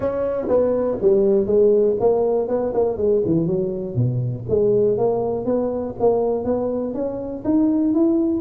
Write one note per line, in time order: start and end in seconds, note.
0.00 0.47 C#4
0.48 0.98 B3
1.01 1.46 G3
1.46 1.95 G#3
2.00 2.47 A#3
2.47 2.72 B3
2.74 2.97 A#3
2.97 3.22 G#3
3.25 3.46 E3
3.46 3.95 F#3
3.95 4.44 B2
4.49 4.97 G#3
4.97 5.45 A#3
5.45 5.94 B3
5.99 6.44 A#3
6.44 6.94 B3
6.94 7.43 C#4
7.44 7.94 D#4
7.94 8.40 E4